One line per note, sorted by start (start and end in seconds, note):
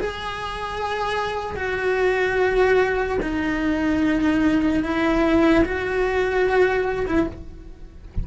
0.00 1.56 G#4
1.56 3.18 F#4
3.22 4.83 D#4
4.83 5.64 E4
5.65 7.07 F#4
7.07 7.27 E4